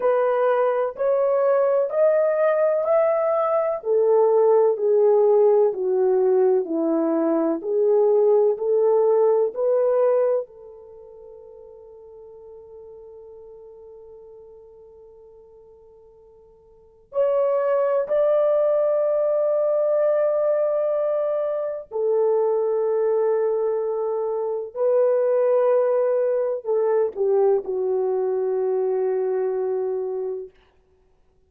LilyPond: \new Staff \with { instrumentName = "horn" } { \time 4/4 \tempo 4 = 63 b'4 cis''4 dis''4 e''4 | a'4 gis'4 fis'4 e'4 | gis'4 a'4 b'4 a'4~ | a'1~ |
a'2 cis''4 d''4~ | d''2. a'4~ | a'2 b'2 | a'8 g'8 fis'2. | }